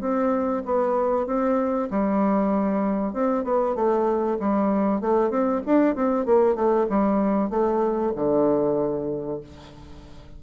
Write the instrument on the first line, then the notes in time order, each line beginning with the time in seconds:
bassoon
0.00 C4
0.65 B3
1.26 C4
1.90 G3
3.13 C4
3.44 B3
3.75 A3
4.39 G3
5.01 A3
5.30 C4
5.66 D4
5.95 C4
6.25 A#3
6.55 A3
6.89 G3
7.50 A3
8.15 D3